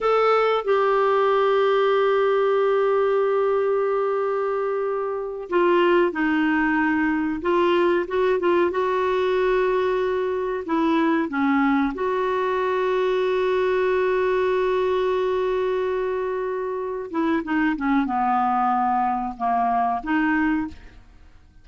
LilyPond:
\new Staff \with { instrumentName = "clarinet" } { \time 4/4 \tempo 4 = 93 a'4 g'2.~ | g'1~ | g'8 f'4 dis'2 f'8~ | f'8 fis'8 f'8 fis'2~ fis'8~ |
fis'8 e'4 cis'4 fis'4.~ | fis'1~ | fis'2~ fis'8 e'8 dis'8 cis'8 | b2 ais4 dis'4 | }